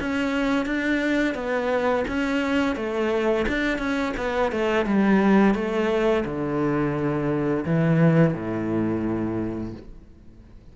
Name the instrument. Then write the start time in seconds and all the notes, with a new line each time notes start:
cello
0.00 C#4
0.65 D4
1.34 B3
2.07 C#4
2.76 A3
3.48 D4
3.78 C#4
4.16 B3
4.52 A3
4.86 G3
5.54 A3
6.25 D3
7.65 E3
8.34 A2